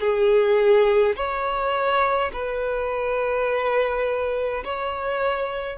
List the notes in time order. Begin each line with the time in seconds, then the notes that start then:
0.00 G#4
1.16 C#5
2.32 B4
4.64 C#5